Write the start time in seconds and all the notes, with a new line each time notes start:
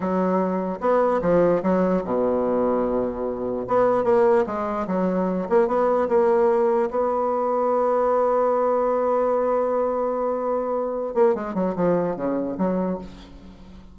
0.00 F#3
0.80 B3
1.21 F3
1.62 F#3
2.04 B2
3.67 B3
4.04 A#3
4.46 G#3
4.87 F#3
5.49 A#3
5.67 B3
6.08 A#3
6.90 B3
11.14 A#3
11.35 G#3
11.54 F#3
11.75 F3
12.15 C#3
12.57 F#3